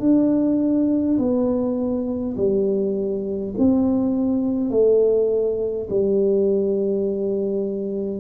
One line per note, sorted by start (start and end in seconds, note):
0.00 1.18 D4
1.18 2.36 B3
2.36 3.54 G3
3.58 4.71 C4
4.71 5.88 A3
5.90 8.20 G3